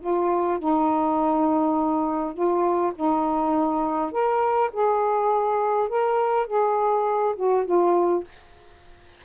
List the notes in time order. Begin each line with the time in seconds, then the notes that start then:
0.00 F4
0.59 D#4
2.33 F4
2.95 D#4
4.12 A#4
4.73 G#4
5.89 A#4
6.47 G#4
7.36 F#4
7.65 F4